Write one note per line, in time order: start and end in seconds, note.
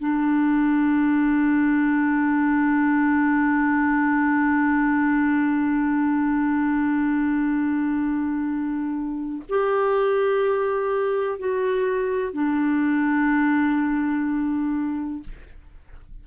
0.00 9.44 D4
9.50 11.39 G4
11.39 12.33 F#4
12.33 15.24 D4